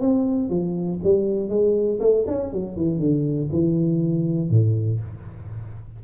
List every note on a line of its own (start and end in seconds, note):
0.00 0.49 C4
0.49 0.99 F3
1.03 1.49 G3
1.49 1.99 G#3
2.00 2.25 A3
2.27 2.52 C#4
2.52 2.76 F#3
2.76 2.99 E3
2.99 3.49 D3
3.52 4.50 E3
4.50 5.00 A2